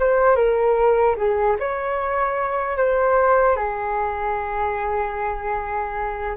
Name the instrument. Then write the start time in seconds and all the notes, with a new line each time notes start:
flute
0.00 C5
0.36 A#4
1.17 G#4
1.60 C#5
2.77 C5
3.56 G#4